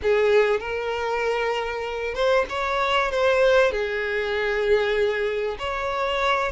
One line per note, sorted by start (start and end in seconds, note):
0.02 0.59 G#4
0.59 2.14 A#4
2.14 2.45 C5
2.49 3.11 C#5
3.11 3.71 C5
3.71 5.57 G#4
5.58 6.51 C#5